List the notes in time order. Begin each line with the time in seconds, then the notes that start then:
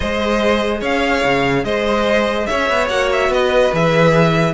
0.00 G#3 G#4 C5 D#5
0.80 C#4 C#5 F5
1.24 C#3
1.64 G#3 C5 D#5
2.46 C#4 C#5 E5
2.69 B3
2.88 A#3 F#4 F#5
3.12 E5
3.29 B3 B4 D#5
3.72 E3 G#4 E5